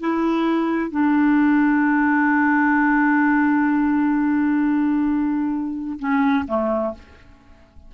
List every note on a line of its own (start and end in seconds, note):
0.00 0.91 E4
0.91 5.99 D4
5.99 6.45 C#4
6.48 6.94 A3